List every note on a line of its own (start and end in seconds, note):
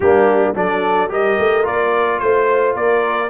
0.00 0.54 G3
0.00 0.54 A#3
0.00 0.56 D4
0.00 0.55 G4
0.54 1.10 F#3
0.54 1.08 D4
0.54 1.10 A4
0.54 1.12 D5
1.08 1.37 G3
1.08 1.63 G4
1.08 2.20 A#4
1.08 1.66 D#5
1.39 1.66 A3
1.63 2.21 A#3
1.63 3.28 F4
1.63 2.19 D5
2.19 2.75 A3
2.19 2.74 C5
2.19 2.75 C5
2.75 3.29 A#3
2.75 3.29 A#4
2.75 3.29 D5